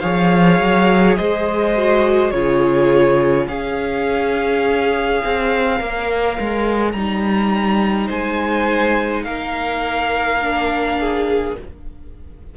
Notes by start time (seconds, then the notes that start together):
0.00 F3 G#4 C#5 F5
0.59 F#3
1.16 G#3 C5 D#5
1.75 F#4
2.30 C#3 F4 G#4 C#5
3.47 C#4 G#4 C#5 F5
5.24 C4
5.77 A#3 A#4
6.39 G#3
6.91 G3 D#4 A#5
8.06 G#3 C5 G#5
9.23 A#3 A#4 F5
10.41 D4
10.99 G#4